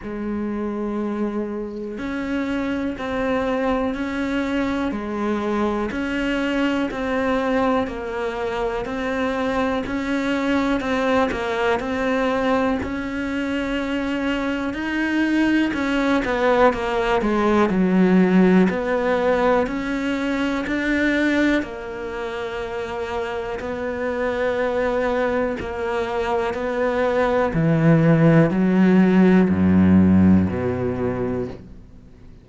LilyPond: \new Staff \with { instrumentName = "cello" } { \time 4/4 \tempo 4 = 61 gis2 cis'4 c'4 | cis'4 gis4 cis'4 c'4 | ais4 c'4 cis'4 c'8 ais8 | c'4 cis'2 dis'4 |
cis'8 b8 ais8 gis8 fis4 b4 | cis'4 d'4 ais2 | b2 ais4 b4 | e4 fis4 fis,4 b,4 | }